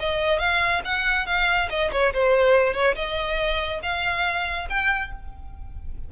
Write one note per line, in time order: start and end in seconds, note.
0.00 0.39 D#5
0.39 0.82 F5
0.85 1.27 F#5
1.27 1.69 F5
1.70 1.91 D#5
1.92 2.13 C#5
2.14 2.74 C5
2.74 2.95 C#5
2.96 3.81 D#5
3.83 4.68 F5
4.70 5.12 G5